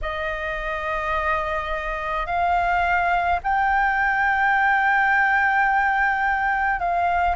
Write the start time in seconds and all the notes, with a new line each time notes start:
0.01 D#5
2.26 F5
3.43 G5
6.79 F5